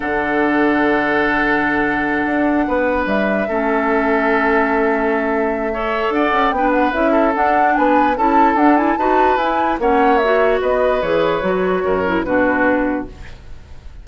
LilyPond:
<<
  \new Staff \with { instrumentName = "flute" } { \time 4/4 \tempo 4 = 147 fis''1~ | fis''2.~ fis''8 e''8~ | e''1~ | e''2. fis''4 |
g''8 fis''8 e''4 fis''4 gis''4 | a''4 fis''8 gis''8 a''4 gis''4 | fis''4 e''4 dis''4 cis''4~ | cis''2 b'2 | }
  \new Staff \with { instrumentName = "oboe" } { \time 4/4 a'1~ | a'2~ a'8 b'4.~ | b'8 a'2.~ a'8~ | a'2 cis''4 d''4 |
b'4. a'4. b'4 | a'2 b'2 | cis''2 b'2~ | b'4 ais'4 fis'2 | }
  \new Staff \with { instrumentName = "clarinet" } { \time 4/4 d'1~ | d'1~ | d'8 cis'2.~ cis'8~ | cis'2 a'2 |
d'4 e'4 d'2 | e'4 d'8 e'8 fis'4 e'4 | cis'4 fis'2 gis'4 | fis'4. e'8 d'2 | }
  \new Staff \with { instrumentName = "bassoon" } { \time 4/4 d1~ | d4. d'4 b4 g8~ | g8 a2.~ a8~ | a2. d'8 cis'8 |
b4 cis'4 d'4 b4 | cis'4 d'4 dis'4 e'4 | ais2 b4 e4 | fis4 fis,4 b,2 | }
>>